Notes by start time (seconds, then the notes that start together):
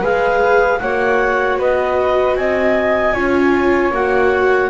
0.00 G#3 G#4 B4 F5
0.79 A#3 F#4 C#5 F#5
1.58 B3 B4 D#5
2.36 C4 D#5 G#5
3.13 C#4 F4 C#5
3.90 A#3 F#4 F#5